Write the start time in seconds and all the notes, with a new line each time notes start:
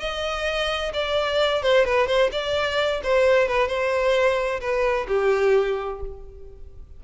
0.00 D#5
0.94 D5
1.63 C5
1.85 B4
2.07 C5
2.32 D5
3.03 C5
3.48 B4
3.68 C5
4.60 B4
5.08 G4